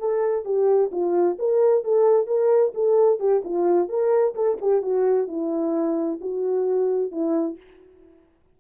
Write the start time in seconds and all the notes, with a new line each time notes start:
0.00 A4
0.45 G4
0.92 F4
1.39 A#4
1.85 A4
2.28 A#4
2.75 A4
3.20 G4
3.45 F4
3.89 A#4
4.35 A4
4.62 G4
4.83 F#4
5.28 E4
6.21 F#4
7.12 E4